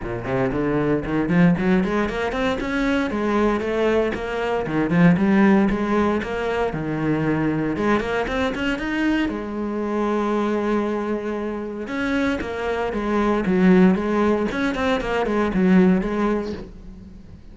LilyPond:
\new Staff \with { instrumentName = "cello" } { \time 4/4 \tempo 4 = 116 ais,8 c8 d4 dis8 f8 fis8 gis8 | ais8 c'8 cis'4 gis4 a4 | ais4 dis8 f8 g4 gis4 | ais4 dis2 gis8 ais8 |
c'8 cis'8 dis'4 gis2~ | gis2. cis'4 | ais4 gis4 fis4 gis4 | cis'8 c'8 ais8 gis8 fis4 gis4 | }